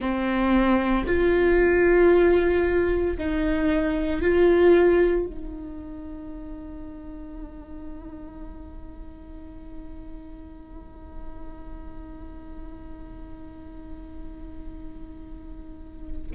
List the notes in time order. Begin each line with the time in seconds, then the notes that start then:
0.00 C4
1.06 F4
3.17 D#4
4.21 F4
5.25 D#4